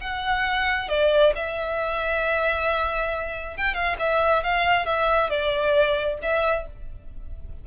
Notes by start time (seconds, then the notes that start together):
0.00 F#5
0.88 D5
1.35 E5
3.57 G5
3.74 F5
3.99 E5
4.43 F5
4.85 E5
5.29 D5
6.22 E5